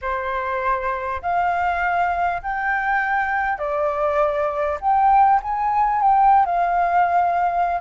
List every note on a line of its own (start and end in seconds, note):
0.01 1.21 C5
1.22 2.42 F5
2.42 3.58 G5
3.58 4.78 D5
4.80 5.40 G5
5.42 6.01 G#5
6.01 6.45 G5
6.45 7.80 F5